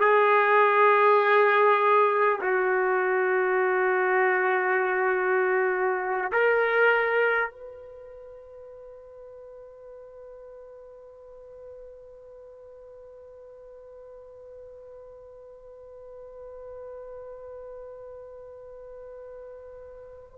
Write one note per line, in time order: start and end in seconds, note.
0.00 2.40 G#4
2.41 6.31 F#4
6.32 7.51 A#4
7.51 20.38 B4